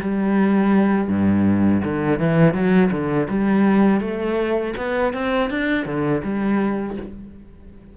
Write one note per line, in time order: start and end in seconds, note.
0.00 1.08 G3
1.08 1.81 G2
1.84 2.19 D3
2.19 2.53 E3
2.53 2.90 F#3
2.91 3.28 D3
3.29 4.00 G3
4.00 4.73 A3
4.77 5.13 B3
5.13 5.50 C4
5.50 5.85 D4
5.85 6.21 D3
6.24 6.97 G3